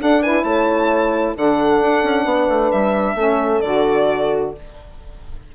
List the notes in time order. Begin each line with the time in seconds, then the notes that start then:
0.00 D4 A4 F#5
0.23 E4 B4 G#5
0.44 A3 C#5 A5
1.37 D3 D4 A4 F#5
1.82 D4
2.04 C#4
2.26 B3 B4
2.49 A3
2.72 G3 E5
3.15 A3 C#4 A4
3.61 D3 F#4 D5